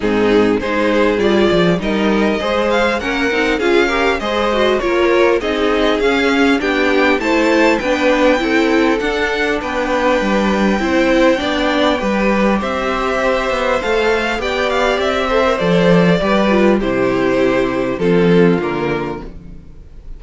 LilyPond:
<<
  \new Staff \with { instrumentName = "violin" } { \time 4/4 \tempo 4 = 100 gis'4 c''4 d''4 dis''4~ | dis''8 f''8 fis''4 f''4 dis''4 | cis''4 dis''4 f''4 g''4 | a''4 g''2 fis''4 |
g''1~ | g''4 e''2 f''4 | g''8 f''8 e''4 d''2 | c''2 a'4 ais'4 | }
  \new Staff \with { instrumentName = "violin" } { \time 4/4 dis'4 gis'2 ais'4 | c''4 ais'4 gis'8 ais'8 c''4 | ais'4 gis'2 g'4 | c''4 b'4 a'2 |
b'2 c''4 d''4 | b'4 c''2. | d''4. c''4. b'4 | g'2 f'2 | }
  \new Staff \with { instrumentName = "viola" } { \time 4/4 c'4 dis'4 f'4 dis'4 | gis'4 cis'8 dis'8 f'8 g'8 gis'8 fis'8 | f'4 dis'4 cis'4 d'4 | e'4 d'4 e'4 d'4~ |
d'2 e'4 d'4 | g'2. a'4 | g'4. a'16 ais'16 a'4 g'8 f'8 | e'2 c'4 ais4 | }
  \new Staff \with { instrumentName = "cello" } { \time 4/4 gis,4 gis4 g8 f8 g4 | gis4 ais8 c'8 cis'4 gis4 | ais4 c'4 cis'4 b4 | a4 b4 c'4 d'4 |
b4 g4 c'4 b4 | g4 c'4. b8 a4 | b4 c'4 f4 g4 | c2 f4 d4 | }
>>